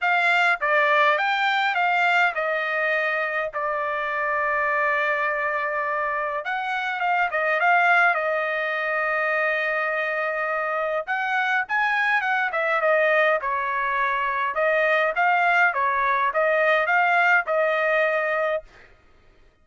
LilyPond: \new Staff \with { instrumentName = "trumpet" } { \time 4/4 \tempo 4 = 103 f''4 d''4 g''4 f''4 | dis''2 d''2~ | d''2. fis''4 | f''8 dis''8 f''4 dis''2~ |
dis''2. fis''4 | gis''4 fis''8 e''8 dis''4 cis''4~ | cis''4 dis''4 f''4 cis''4 | dis''4 f''4 dis''2 | }